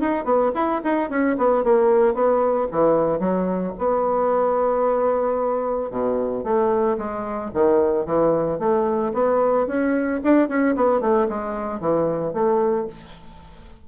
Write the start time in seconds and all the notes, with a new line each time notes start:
0.00 D#4
0.24 B3
0.54 E4
0.84 D#4
1.10 C#4
1.38 B3
1.63 A#3
2.14 B3
2.71 E3
3.19 F#3
3.78 B3
5.91 B2
6.43 A3
6.97 G#3
7.54 D#3
8.06 E3
8.59 A3
9.13 B3
9.67 C#4
10.24 D4
10.48 C#4
10.75 B3
11.00 A3
11.28 G#3
11.80 E3
12.33 A3